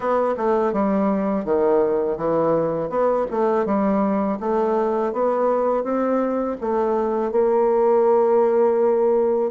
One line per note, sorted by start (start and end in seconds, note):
0.00 0.35 B3
0.37 0.72 A3
0.72 1.45 G3
1.45 2.17 D#3
2.17 2.89 E3
2.89 3.26 B3
3.31 3.65 A3
3.65 4.38 G3
4.39 5.12 A3
5.12 5.83 B3
5.83 6.57 C4
6.61 7.31 A3
7.31 9.51 A#3